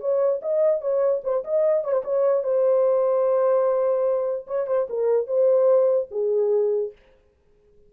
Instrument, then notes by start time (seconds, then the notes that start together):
horn
0.00 C#5
0.42 D#5
0.81 C#5
1.23 C5
1.44 D#5
1.84 C#5
1.92 C5
2.04 C#5
2.43 C5
4.47 C#5
4.67 C5
4.89 A#4
5.27 C5
6.11 G#4